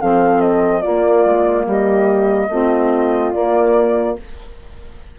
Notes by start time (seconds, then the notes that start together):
0.00 F3 C4 A4 F5
0.40 D#5
0.81 A#3 F4 D5
1.25 G#3
1.66 G3 G4 D#5
2.49 A3 C4 F4
3.32 A#3 D5